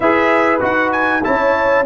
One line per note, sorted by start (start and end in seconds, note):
0.00 0.62 E4
0.00 0.60 G#4
0.00 1.23 B4
0.00 0.61 E5
0.60 1.24 D#4
0.60 1.22 F#4
0.60 0.92 F#5
0.92 1.23 G#5
1.23 1.85 C#4
1.23 1.85 E4
1.23 1.85 C#5
1.23 1.85 A5